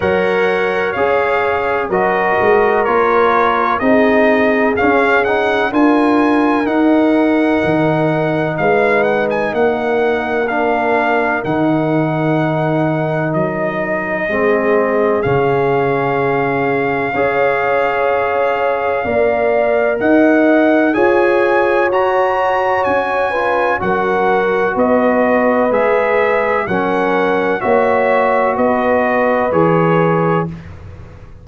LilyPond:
<<
  \new Staff \with { instrumentName = "trumpet" } { \time 4/4 \tempo 4 = 63 fis''4 f''4 dis''4 cis''4 | dis''4 f''8 fis''8 gis''4 fis''4~ | fis''4 f''8 fis''16 gis''16 fis''4 f''4 | fis''2 dis''2 |
f''1~ | f''4 fis''4 gis''4 ais''4 | gis''4 fis''4 dis''4 e''4 | fis''4 e''4 dis''4 cis''4 | }
  \new Staff \with { instrumentName = "horn" } { \time 4/4 cis''2 ais'2 | gis'2 ais'2~ | ais'4 b'4 ais'2~ | ais'2. gis'4~ |
gis'2 cis''2 | d''4 dis''4 cis''2~ | cis''8 b'8 ais'4 b'2 | ais'4 cis''4 b'2 | }
  \new Staff \with { instrumentName = "trombone" } { \time 4/4 ais'4 gis'4 fis'4 f'4 | dis'4 cis'8 dis'8 f'4 dis'4~ | dis'2. d'4 | dis'2. c'4 |
cis'2 gis'2 | ais'2 gis'4 fis'4~ | fis'8 f'8 fis'2 gis'4 | cis'4 fis'2 gis'4 | }
  \new Staff \with { instrumentName = "tuba" } { \time 4/4 fis4 cis'4 fis8 gis8 ais4 | c'4 cis'4 d'4 dis'4 | dis4 gis4 ais2 | dis2 fis4 gis4 |
cis2 cis'2 | ais4 dis'4 f'4 fis'4 | cis'4 fis4 b4 gis4 | fis4 ais4 b4 e4 | }
>>